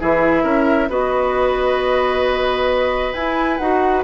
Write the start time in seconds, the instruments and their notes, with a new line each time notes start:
0.00 bassoon E3, clarinet E4, oboe G#4, flute E5
0.44 bassoon C#4, oboe A#4
0.89 bassoon B3, clarinet F#4, oboe B4, flute D#5
3.14 bassoon E4, clarinet E4, flute G#5
3.58 bassoon D#4, clarinet F#4, flute F#5